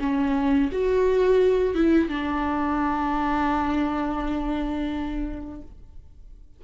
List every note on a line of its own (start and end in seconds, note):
0.00 0.71 C#4
0.73 1.76 F#4
1.76 2.09 E4
2.09 5.62 D4